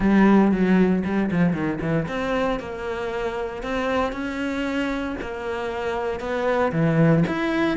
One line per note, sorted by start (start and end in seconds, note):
0.00 0.51 G3
0.51 1.03 F#3
1.04 1.30 G3
1.31 1.53 F3
1.53 1.79 D#3
1.81 2.07 E3
2.08 2.59 C4
2.59 3.62 A#3
3.62 4.12 C4
4.12 5.16 C#4
5.21 6.20 A#3
6.20 6.71 B3
6.72 7.23 E3
7.27 7.77 E4